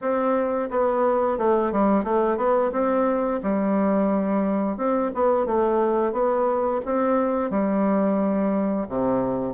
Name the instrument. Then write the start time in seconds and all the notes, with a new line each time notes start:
bassoon
0.01 C4
0.70 B3
1.38 A3
1.72 G3
2.03 A3
2.37 B3
2.72 C4
3.42 G3
4.77 C4
5.14 B3
5.45 A3
6.12 B3
6.85 C4
7.50 G3
8.89 C3